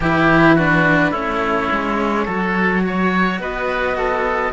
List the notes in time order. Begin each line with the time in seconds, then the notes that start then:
0.00 E3 E4 G4 B4
0.55 D4 F#4
1.11 A3 C#4 E4 C#5
1.71 G#3
2.24 F#3 F#4 A4
2.86 C#5
3.38 B3 B4 D#5
3.97 A4